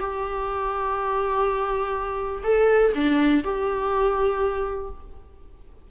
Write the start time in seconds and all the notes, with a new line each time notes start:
0.00 G4
2.44 A4
2.95 D4
3.45 G4